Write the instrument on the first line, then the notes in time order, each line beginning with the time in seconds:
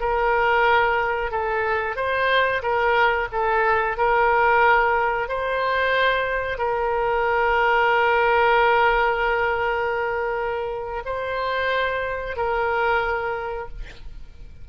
oboe
0.00 A#4
1.31 A4
1.96 C5
2.62 A#4
3.32 A4
3.97 A#4
5.29 C5
6.58 A#4
11.05 C5
12.37 A#4